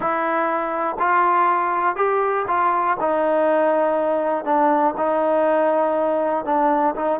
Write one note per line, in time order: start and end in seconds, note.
0.00 0.96 E4
0.99 1.95 F4
1.95 2.45 G4
2.47 2.97 F4
3.00 4.44 D#4
4.44 4.94 D4
4.97 6.45 D#4
6.45 6.94 D4
6.95 7.20 D#4